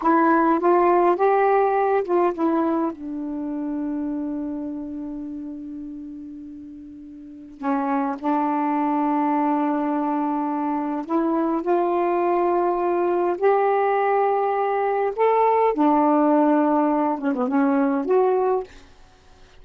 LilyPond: \new Staff \with { instrumentName = "saxophone" } { \time 4/4 \tempo 4 = 103 e'4 f'4 g'4. f'8 | e'4 d'2.~ | d'1~ | d'4 cis'4 d'2~ |
d'2. e'4 | f'2. g'4~ | g'2 a'4 d'4~ | d'4. cis'16 b16 cis'4 fis'4 | }